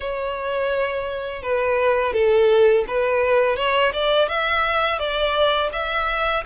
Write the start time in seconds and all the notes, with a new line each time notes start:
0.00 C#5
1.42 B4
2.13 A4
2.87 B4
3.56 C#5
3.93 D5
4.28 E5
4.98 D5
5.72 E5